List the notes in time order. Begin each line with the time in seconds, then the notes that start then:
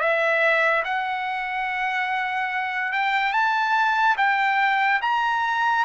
0.00 E5
0.84 F#5
2.92 G5
3.33 A5
4.17 G5
5.02 A#5